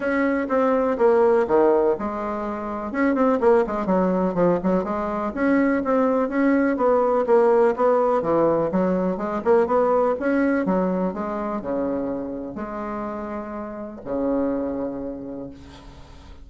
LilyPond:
\new Staff \with { instrumentName = "bassoon" } { \time 4/4 \tempo 4 = 124 cis'4 c'4 ais4 dis4 | gis2 cis'8 c'8 ais8 gis8 | fis4 f8 fis8 gis4 cis'4 | c'4 cis'4 b4 ais4 |
b4 e4 fis4 gis8 ais8 | b4 cis'4 fis4 gis4 | cis2 gis2~ | gis4 cis2. | }